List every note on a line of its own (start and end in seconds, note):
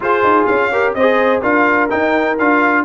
0.00 0.72 F4
0.00 0.23 F4
0.00 0.71 G#4
0.00 0.46 C5
0.23 0.46 D#4
0.46 0.94 C#4
0.46 0.94 F5
0.71 0.96 G4
0.71 0.95 A#4
0.94 1.41 C4
0.94 1.42 G#4
0.94 1.41 C5
0.94 1.41 D#5
1.41 1.90 D4
1.41 1.89 F4
1.41 2.84 A#4
1.41 1.90 F5
1.89 2.37 D#4
1.89 2.39 D#4
1.89 2.37 G5
2.38 2.85 D4
2.38 2.85 F4
2.38 2.85 F5